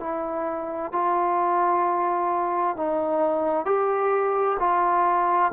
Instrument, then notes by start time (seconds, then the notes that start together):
trombone
0.00 E4
0.92 F4
2.77 D#4
3.65 G4
4.59 F4